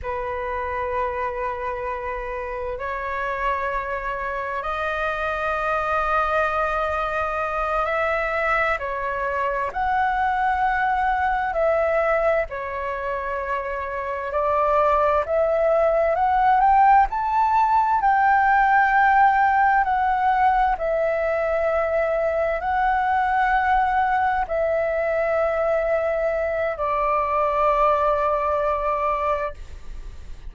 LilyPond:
\new Staff \with { instrumentName = "flute" } { \time 4/4 \tempo 4 = 65 b'2. cis''4~ | cis''4 dis''2.~ | dis''8 e''4 cis''4 fis''4.~ | fis''8 e''4 cis''2 d''8~ |
d''8 e''4 fis''8 g''8 a''4 g''8~ | g''4. fis''4 e''4.~ | e''8 fis''2 e''4.~ | e''4 d''2. | }